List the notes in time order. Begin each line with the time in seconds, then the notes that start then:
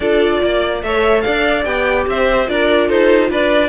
0.00 D4 F4 A4 D5
0.43 A#3 D5
0.82 A3 A4 C#5 E5
1.21 D4 D5 F5
1.65 B3 G4 G5
2.06 C4 C5 E5
2.45 D4 F4 A#4 D5
2.88 D#4 A4 C5
3.30 D4 B4 D5